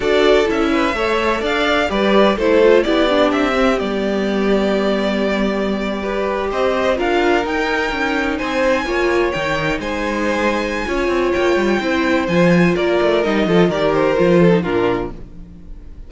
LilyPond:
<<
  \new Staff \with { instrumentName = "violin" } { \time 4/4 \tempo 4 = 127 d''4 e''2 f''4 | d''4 c''4 d''4 e''4 | d''1~ | d''4.~ d''16 dis''4 f''4 g''16~ |
g''4.~ g''16 gis''2 g''16~ | g''8. gis''2.~ gis''16 | g''2 gis''4 d''4 | dis''4 d''8 c''4. ais'4 | }
  \new Staff \with { instrumentName = "violin" } { \time 4/4 a'4. b'8 cis''4 d''4 | b'4 a'4 g'2~ | g'1~ | g'8. b'4 c''4 ais'4~ ais'16~ |
ais'4.~ ais'16 c''4 cis''4~ cis''16~ | cis''8. c''2~ c''16 cis''4~ | cis''4 c''2 ais'4~ | ais'8 a'8 ais'4. a'8 f'4 | }
  \new Staff \with { instrumentName = "viola" } { \time 4/4 fis'4 e'4 a'2 | g'4 e'8 f'8 e'8 d'4 c'8 | b1~ | b8. g'2 f'4 dis'16~ |
dis'2~ dis'8. f'4 dis'16~ | dis'2. f'4~ | f'4 e'4 f'2 | dis'8 f'8 g'4 f'8. dis'16 d'4 | }
  \new Staff \with { instrumentName = "cello" } { \time 4/4 d'4 cis'4 a4 d'4 | g4 a4 b4 c'4 | g1~ | g4.~ g16 c'4 d'4 dis'16~ |
dis'8. cis'4 c'4 ais4 dis16~ | dis8. gis2~ gis16 cis'8 c'8 | ais8 g8 c'4 f4 ais8 a8 | g8 f8 dis4 f4 ais,4 | }
>>